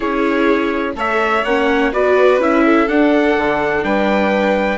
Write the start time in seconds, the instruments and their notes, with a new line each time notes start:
0.00 bassoon C#4, viola E4, violin G#4, trumpet C#5
0.95 bassoon A3, viola A4, violin C#5, trumpet E5
1.44 bassoon A#3, viola C#4, trumpet F#5
1.92 bassoon B3, viola F#4, violin B4, trumpet D5
2.38 bassoon C#4, viola E4, trumpet E5
2.65 violin A4
2.88 bassoon D4, viola D4, trumpet F#5
3.37 bassoon D3
3.83 bassoon G3, violin B4, trumpet G5